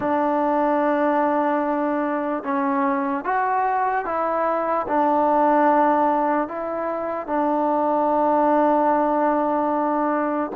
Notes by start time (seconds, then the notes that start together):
0.00 D4
2.43 C#4
3.24 F#4
4.05 E4
4.87 D4
6.48 E4
7.26 D4